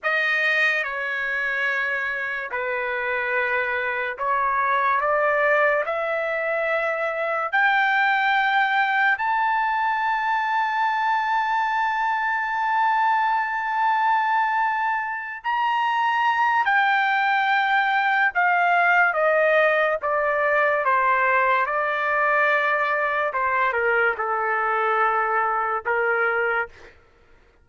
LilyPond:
\new Staff \with { instrumentName = "trumpet" } { \time 4/4 \tempo 4 = 72 dis''4 cis''2 b'4~ | b'4 cis''4 d''4 e''4~ | e''4 g''2 a''4~ | a''1~ |
a''2~ a''8 ais''4. | g''2 f''4 dis''4 | d''4 c''4 d''2 | c''8 ais'8 a'2 ais'4 | }